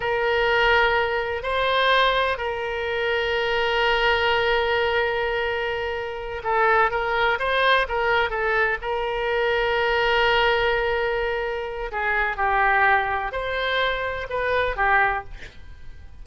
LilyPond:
\new Staff \with { instrumentName = "oboe" } { \time 4/4 \tempo 4 = 126 ais'2. c''4~ | c''4 ais'2.~ | ais'1~ | ais'4. a'4 ais'4 c''8~ |
c''8 ais'4 a'4 ais'4.~ | ais'1~ | ais'4 gis'4 g'2 | c''2 b'4 g'4 | }